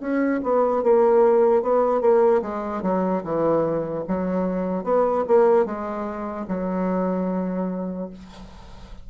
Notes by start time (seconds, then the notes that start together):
0.00 C#4
0.43 B3
0.83 A#3
1.62 B3
2.01 A#3
2.41 G#3
2.82 F#3
3.23 E3
4.08 F#3
4.83 B3
5.27 A#3
5.65 G#3
6.48 F#3